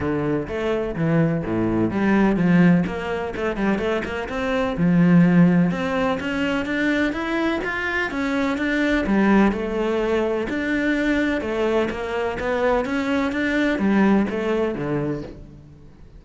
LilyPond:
\new Staff \with { instrumentName = "cello" } { \time 4/4 \tempo 4 = 126 d4 a4 e4 a,4 | g4 f4 ais4 a8 g8 | a8 ais8 c'4 f2 | c'4 cis'4 d'4 e'4 |
f'4 cis'4 d'4 g4 | a2 d'2 | a4 ais4 b4 cis'4 | d'4 g4 a4 d4 | }